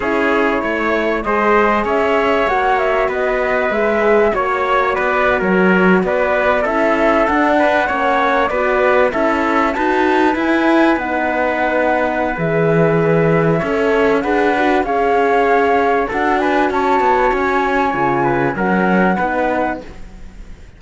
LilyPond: <<
  \new Staff \with { instrumentName = "flute" } { \time 4/4 \tempo 4 = 97 cis''2 dis''4 e''4 | fis''8 e''8 dis''4 e''4 cis''4 | d''8. cis''4 d''4 e''4 fis''16~ | fis''4.~ fis''16 d''4 e''4 a''16~ |
a''8. gis''4 fis''2~ fis''16 | e''2. fis''4 | f''2 fis''8 gis''8 a''4 | gis''2 fis''2 | }
  \new Staff \with { instrumentName = "trumpet" } { \time 4/4 gis'4 cis''4 c''4 cis''4~ | cis''4 b'2 cis''4 | b'8. ais'4 b'4 a'4~ a'16~ | a'16 b'8 cis''4 b'4 a'4 b'16~ |
b'1~ | b'2 cis''4 b'4 | cis''2 a'8 b'8 cis''4~ | cis''4. b'8 ais'4 b'4 | }
  \new Staff \with { instrumentName = "horn" } { \time 4/4 e'2 gis'2 | fis'2 gis'4 fis'4~ | fis'2~ fis'8. e'4 d'16~ | d'8. cis'4 fis'4 e'4 fis'16~ |
fis'8. e'4 dis'2~ dis'16 | gis'2 a'4 gis'8 fis'8 | gis'2 fis'2~ | fis'4 f'4 cis'4 dis'4 | }
  \new Staff \with { instrumentName = "cello" } { \time 4/4 cis'4 a4 gis4 cis'4 | ais4 b4 gis4 ais4 | b8. fis4 b4 cis'4 d'16~ | d'8. ais4 b4 cis'4 dis'16~ |
dis'8. e'4 b2~ b16 | e2 cis'4 d'4 | cis'2 d'4 cis'8 b8 | cis'4 cis4 fis4 b4 | }
>>